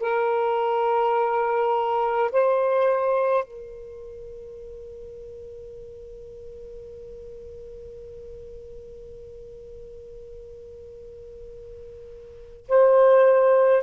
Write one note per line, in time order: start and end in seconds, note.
0.00 2.31 A#4
2.32 3.44 C5
3.44 12.67 A#4
12.68 13.83 C5